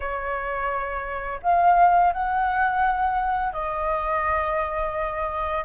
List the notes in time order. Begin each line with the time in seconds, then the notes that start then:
0.00 C#5
1.42 F5
2.12 F#5
3.52 D#5